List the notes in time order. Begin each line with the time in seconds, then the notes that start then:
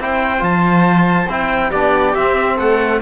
0.00 C4 E4 C5 G5
0.39 F3 F4 A5
1.29 C4 E4 G5
1.70 B3 D4 G4 D5
2.15 C4 E5
2.57 A3 A4 F#5